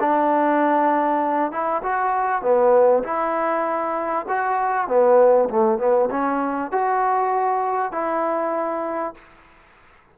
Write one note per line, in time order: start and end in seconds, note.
0.00 1.52 D4
1.52 1.82 E4
1.83 2.42 F#4
2.42 3.03 B3
3.04 4.26 E4
4.28 4.88 F#4
4.88 5.49 B3
5.50 5.79 A3
5.79 6.09 B3
6.11 6.72 C#4
6.72 7.92 F#4
7.92 9.14 E4